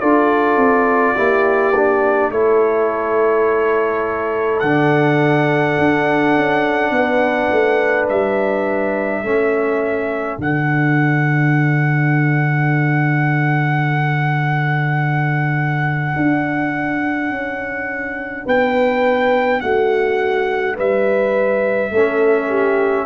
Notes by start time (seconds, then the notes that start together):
0.00 D4 F4 A4 D5
0.56 C4
1.15 A#3 E4 G4
1.75 D4
2.31 A3 E4 A4 C#5
4.60 D3 D4 F#5
5.78 D4
6.36 C#4
6.90 B3 B4
7.51 A3
8.09 G3 E5
9.23 A3 C#4 A4
10.38 D3 D4 F#5
16.16 D4
17.30 C#4
18.45 B3 B4 G5
19.60 A3 F#4 F#5
20.76 G3 B4 E5
21.90 A3 C#4 A4
22.49 G4